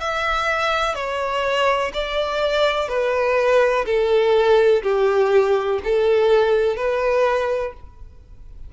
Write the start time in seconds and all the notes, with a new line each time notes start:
0.00 E5
0.95 C#5
1.94 D5
2.89 B4
3.86 A4
4.83 G4
5.84 A4
6.77 B4